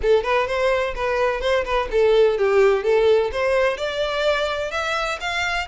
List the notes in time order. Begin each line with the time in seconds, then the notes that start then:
0.02 A4
0.23 B4
0.47 C5
0.95 B4
1.40 C5
1.64 B4
1.91 A4
2.38 G4
2.83 A4
3.32 C5
3.77 D5
4.71 E5
5.20 F5